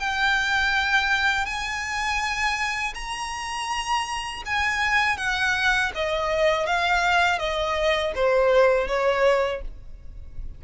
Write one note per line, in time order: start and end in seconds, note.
0.00 1.46 G5
1.46 2.94 G#5
2.95 4.43 A#5
4.46 5.18 G#5
5.18 5.92 F#5
5.95 6.67 D#5
6.67 7.39 F5
7.39 8.13 D#5
8.16 8.88 C5
8.88 9.62 C#5